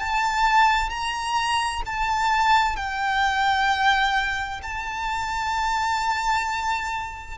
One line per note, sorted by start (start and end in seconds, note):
0.00 0.90 A5
0.90 1.83 A#5
1.86 2.77 A5
2.77 4.62 G5
4.63 7.38 A5